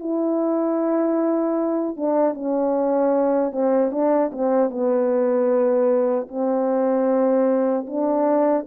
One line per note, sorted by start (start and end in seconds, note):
0.00 1.97 E4
1.97 2.34 D4
2.34 3.52 C#4
3.52 3.92 C4
3.92 4.31 D4
4.32 4.70 C4
4.70 6.28 B3
6.29 7.87 C4
7.87 8.66 D4